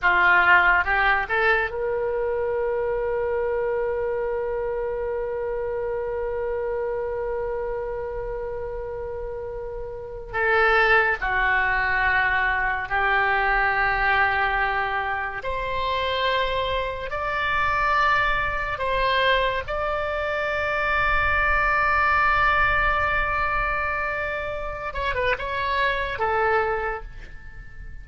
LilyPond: \new Staff \with { instrumentName = "oboe" } { \time 4/4 \tempo 4 = 71 f'4 g'8 a'8 ais'2~ | ais'1~ | ais'1~ | ais'16 a'4 fis'2 g'8.~ |
g'2~ g'16 c''4.~ c''16~ | c''16 d''2 c''4 d''8.~ | d''1~ | d''4. cis''16 b'16 cis''4 a'4 | }